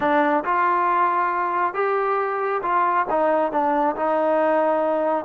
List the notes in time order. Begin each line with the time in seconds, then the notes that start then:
0.00 D4
0.44 F4
1.74 G4
2.62 F4
3.10 D#4
3.52 D4
3.95 D#4